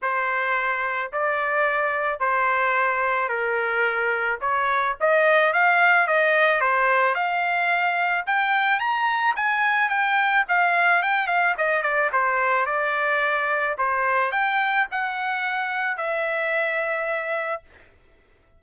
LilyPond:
\new Staff \with { instrumentName = "trumpet" } { \time 4/4 \tempo 4 = 109 c''2 d''2 | c''2 ais'2 | cis''4 dis''4 f''4 dis''4 | c''4 f''2 g''4 |
ais''4 gis''4 g''4 f''4 | g''8 f''8 dis''8 d''8 c''4 d''4~ | d''4 c''4 g''4 fis''4~ | fis''4 e''2. | }